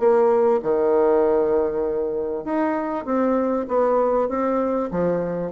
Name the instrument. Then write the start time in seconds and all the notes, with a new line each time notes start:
bassoon
0.00 A#3
0.63 D#3
2.45 D#4
3.06 C4
3.68 B3
4.29 C4
4.92 F3